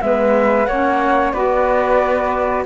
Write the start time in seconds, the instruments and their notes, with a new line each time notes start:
0.00 cello G#3, saxophone B3, flute E5
0.06 flute B4
0.66 cello A#3, saxophone C#4, flute C#5 F#5
1.32 cello B3, saxophone F#4, flute B4 D5